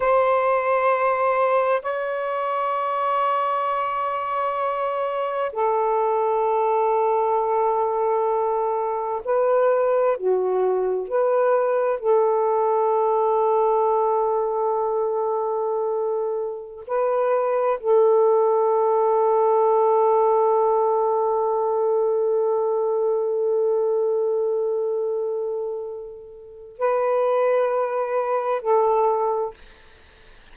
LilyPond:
\new Staff \with { instrumentName = "saxophone" } { \time 4/4 \tempo 4 = 65 c''2 cis''2~ | cis''2 a'2~ | a'2 b'4 fis'4 | b'4 a'2.~ |
a'2~ a'16 b'4 a'8.~ | a'1~ | a'1~ | a'4 b'2 a'4 | }